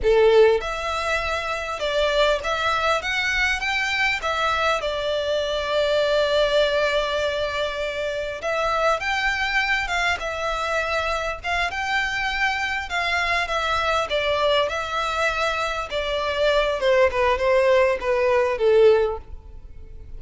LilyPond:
\new Staff \with { instrumentName = "violin" } { \time 4/4 \tempo 4 = 100 a'4 e''2 d''4 | e''4 fis''4 g''4 e''4 | d''1~ | d''2 e''4 g''4~ |
g''8 f''8 e''2 f''8 g''8~ | g''4. f''4 e''4 d''8~ | d''8 e''2 d''4. | c''8 b'8 c''4 b'4 a'4 | }